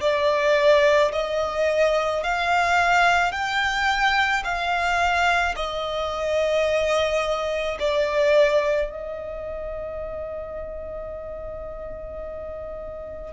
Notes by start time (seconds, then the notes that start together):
0.00 D5
1.12 D#5
2.23 F5
3.31 G5
4.44 F5
5.56 D#5
7.79 D5
8.90 D#5